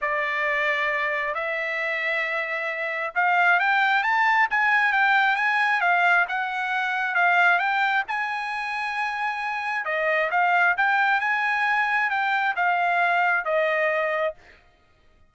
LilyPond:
\new Staff \with { instrumentName = "trumpet" } { \time 4/4 \tempo 4 = 134 d''2. e''4~ | e''2. f''4 | g''4 a''4 gis''4 g''4 | gis''4 f''4 fis''2 |
f''4 g''4 gis''2~ | gis''2 dis''4 f''4 | g''4 gis''2 g''4 | f''2 dis''2 | }